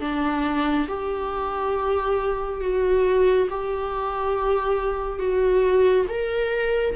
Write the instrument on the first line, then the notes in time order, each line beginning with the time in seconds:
viola
0.00 D4
0.88 G4
2.61 F#4
3.50 G4
5.19 F#4
6.09 A#4